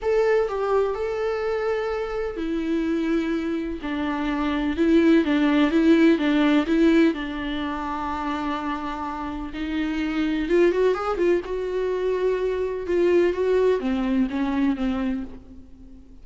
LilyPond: \new Staff \with { instrumentName = "viola" } { \time 4/4 \tempo 4 = 126 a'4 g'4 a'2~ | a'4 e'2. | d'2 e'4 d'4 | e'4 d'4 e'4 d'4~ |
d'1 | dis'2 f'8 fis'8 gis'8 f'8 | fis'2. f'4 | fis'4 c'4 cis'4 c'4 | }